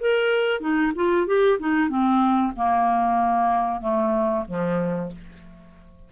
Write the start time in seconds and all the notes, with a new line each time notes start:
0.00 A#4
0.60 D#4
0.95 F4
1.27 G4
1.59 D#4
1.89 C4
2.56 A#3
3.81 A3
4.48 F3